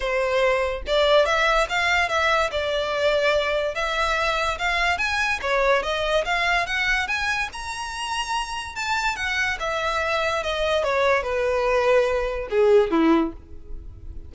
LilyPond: \new Staff \with { instrumentName = "violin" } { \time 4/4 \tempo 4 = 144 c''2 d''4 e''4 | f''4 e''4 d''2~ | d''4 e''2 f''4 | gis''4 cis''4 dis''4 f''4 |
fis''4 gis''4 ais''2~ | ais''4 a''4 fis''4 e''4~ | e''4 dis''4 cis''4 b'4~ | b'2 gis'4 e'4 | }